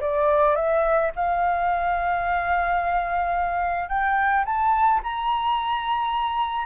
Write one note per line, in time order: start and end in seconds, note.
0.00 0.56 D5
0.56 1.11 E5
1.15 3.89 F5
3.89 4.44 G5
4.45 5.01 A5
5.03 6.65 A#5